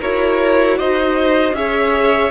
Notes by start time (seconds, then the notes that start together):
0.00 E4 F#4 A#4 C#5
0.79 D#4 C5 D#5
1.53 C#4 G#4 C#5 E5